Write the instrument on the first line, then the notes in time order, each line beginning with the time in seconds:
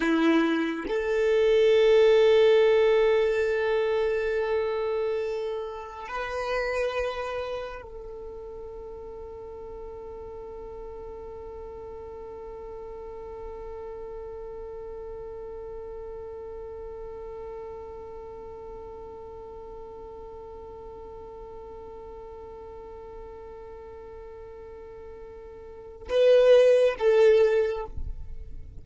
violin
0.00 E4
0.87 A4
6.08 B4
7.82 A4
26.09 B4
26.98 A4